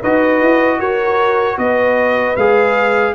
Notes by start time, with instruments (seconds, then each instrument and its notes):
0.00 tuba D#4, trombone F#4, horn B4, trumpet D#5
0.41 tuba E4
0.80 tuba F#4, horn A#4, trumpet C#5
1.58 tuba B3, horn B4, trumpet D#5
2.36 tuba G#3, trombone G#4, trumpet F5